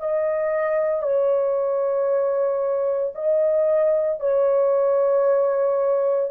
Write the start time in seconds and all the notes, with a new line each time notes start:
0.00 D#5
1.02 C#5
3.15 D#5
4.20 C#5